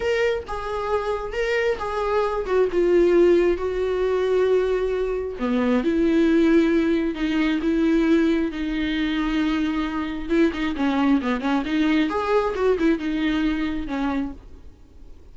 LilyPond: \new Staff \with { instrumentName = "viola" } { \time 4/4 \tempo 4 = 134 ais'4 gis'2 ais'4 | gis'4. fis'8 f'2 | fis'1 | b4 e'2. |
dis'4 e'2 dis'4~ | dis'2. e'8 dis'8 | cis'4 b8 cis'8 dis'4 gis'4 | fis'8 e'8 dis'2 cis'4 | }